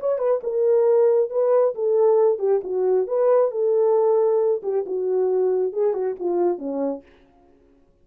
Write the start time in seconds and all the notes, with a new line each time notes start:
0.00 C#5
0.19 B4
0.44 A#4
1.30 B4
1.75 A4
2.39 G4
2.64 F#4
3.07 B4
3.51 A4
4.63 G4
4.86 F#4
5.73 G#4
5.94 F#4
6.20 F4
6.59 C#4